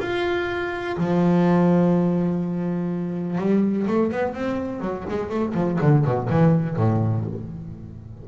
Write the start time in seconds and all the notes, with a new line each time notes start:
0.00 F4
0.97 F3
3.38 G3
3.87 A3
4.11 B3
4.34 C4
4.80 F#3
5.09 G#3
5.29 A3
5.54 F3
5.81 D3
6.04 B2
6.29 E3
6.76 A2